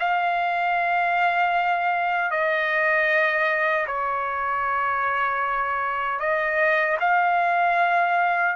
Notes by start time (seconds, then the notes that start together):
0.00 F5
2.31 D#5
3.87 C#5
6.20 D#5
7.01 F5